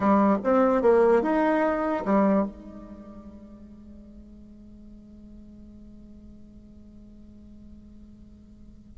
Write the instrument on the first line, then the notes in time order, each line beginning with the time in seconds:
bassoon
0.00 G3
0.44 C4
0.82 A#3
1.22 D#4
2.05 G3
2.45 G#3